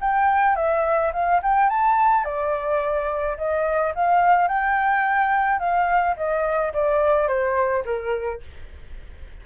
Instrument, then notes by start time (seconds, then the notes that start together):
flute
0.00 G5
0.55 E5
1.12 F5
1.42 G5
1.69 A5
2.24 D5
3.37 D#5
3.95 F5
4.47 G5
5.59 F5
6.16 D#5
6.73 D5
7.27 C5
7.85 A#4